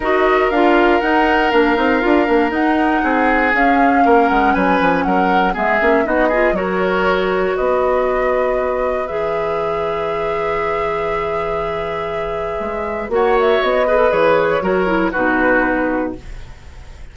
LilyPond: <<
  \new Staff \with { instrumentName = "flute" } { \time 4/4 \tempo 4 = 119 dis''4 f''4 fis''4 f''4~ | f''4 fis''2 f''4~ | f''8 fis''8 gis''4 fis''4 e''4 | dis''4 cis''2 dis''4~ |
dis''2 e''2~ | e''1~ | e''2 fis''8 e''8 dis''4 | cis''2 b'2 | }
  \new Staff \with { instrumentName = "oboe" } { \time 4/4 ais'1~ | ais'2 gis'2 | ais'4 b'4 ais'4 gis'4 | fis'8 gis'8 ais'2 b'4~ |
b'1~ | b'1~ | b'2 cis''4. b'8~ | b'4 ais'4 fis'2 | }
  \new Staff \with { instrumentName = "clarinet" } { \time 4/4 fis'4 f'4 dis'4 d'8 dis'8 | f'8 d'8 dis'2 cis'4~ | cis'2. b8 cis'8 | dis'8 f'8 fis'2.~ |
fis'2 gis'2~ | gis'1~ | gis'2 fis'4. gis'16 a'16 | gis'4 fis'8 e'8 dis'2 | }
  \new Staff \with { instrumentName = "bassoon" } { \time 4/4 dis'4 d'4 dis'4 ais8 c'8 | d'8 ais8 dis'4 c'4 cis'4 | ais8 gis8 fis8 f8 fis4 gis8 ais8 | b4 fis2 b4~ |
b2 e2~ | e1~ | e4 gis4 ais4 b4 | e4 fis4 b,2 | }
>>